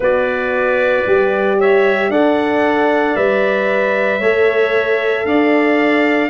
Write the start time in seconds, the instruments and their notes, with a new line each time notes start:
0.00 tuba B3, horn F#4, clarinet B4, trumpet D5
1.06 tuba G3, horn G4
1.59 clarinet C#5, trumpet E5
2.09 tuba D4, horn A4, clarinet D5, trumpet F#5
3.16 tuba G3, horn B4, trumpet E5
4.19 tuba A3, horn A4, clarinet C#5
5.24 tuba D4, clarinet D5, trumpet F5